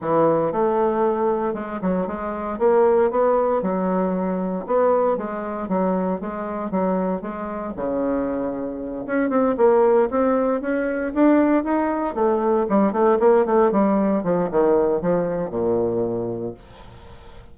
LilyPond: \new Staff \with { instrumentName = "bassoon" } { \time 4/4 \tempo 4 = 116 e4 a2 gis8 fis8 | gis4 ais4 b4 fis4~ | fis4 b4 gis4 fis4 | gis4 fis4 gis4 cis4~ |
cis4. cis'8 c'8 ais4 c'8~ | c'8 cis'4 d'4 dis'4 a8~ | a8 g8 a8 ais8 a8 g4 f8 | dis4 f4 ais,2 | }